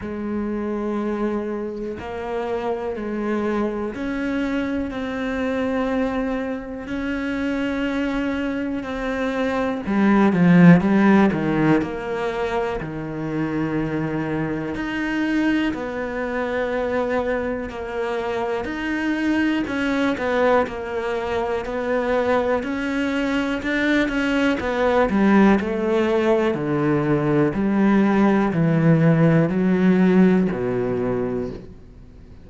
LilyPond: \new Staff \with { instrumentName = "cello" } { \time 4/4 \tempo 4 = 61 gis2 ais4 gis4 | cis'4 c'2 cis'4~ | cis'4 c'4 g8 f8 g8 dis8 | ais4 dis2 dis'4 |
b2 ais4 dis'4 | cis'8 b8 ais4 b4 cis'4 | d'8 cis'8 b8 g8 a4 d4 | g4 e4 fis4 b,4 | }